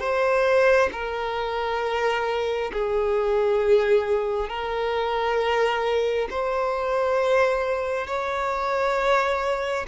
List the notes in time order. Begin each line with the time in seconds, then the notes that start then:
0.00 C5
0.92 A#4
2.73 G#4
4.49 A#4
6.31 C5
8.07 C#5